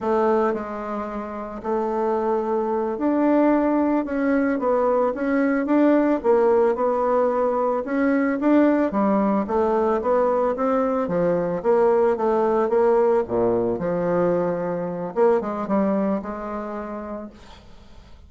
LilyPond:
\new Staff \with { instrumentName = "bassoon" } { \time 4/4 \tempo 4 = 111 a4 gis2 a4~ | a4. d'2 cis'8~ | cis'8 b4 cis'4 d'4 ais8~ | ais8 b2 cis'4 d'8~ |
d'8 g4 a4 b4 c'8~ | c'8 f4 ais4 a4 ais8~ | ais8 ais,4 f2~ f8 | ais8 gis8 g4 gis2 | }